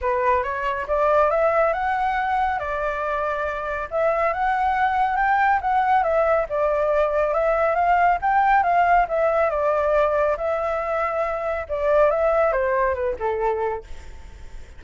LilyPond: \new Staff \with { instrumentName = "flute" } { \time 4/4 \tempo 4 = 139 b'4 cis''4 d''4 e''4 | fis''2 d''2~ | d''4 e''4 fis''2 | g''4 fis''4 e''4 d''4~ |
d''4 e''4 f''4 g''4 | f''4 e''4 d''2 | e''2. d''4 | e''4 c''4 b'8 a'4. | }